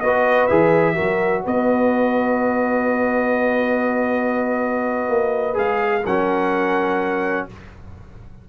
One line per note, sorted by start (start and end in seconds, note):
0.00 0.49 B3
0.00 0.49 F#4
0.00 0.95 B4
0.00 0.47 D#5
0.47 0.98 E3
0.47 0.94 G#4
0.47 1.41 E5
0.94 1.46 F#3
0.94 5.54 F#4
0.94 1.43 A#4
1.44 5.08 B3
1.44 6.05 B4
1.44 5.58 D#5
5.08 5.56 A#3
5.54 6.04 G#3
5.54 6.01 G#4
5.54 6.05 F5
6.05 7.47 F#3
6.05 7.49 C#4
6.05 7.46 A#4
6.05 7.48 F#5